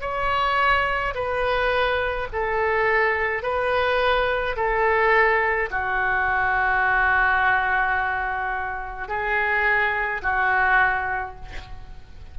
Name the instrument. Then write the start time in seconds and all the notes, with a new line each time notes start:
oboe
0.00 C#5
1.14 B4
2.32 A4
3.42 B4
4.56 A4
5.70 F#4
9.08 G#4
10.22 F#4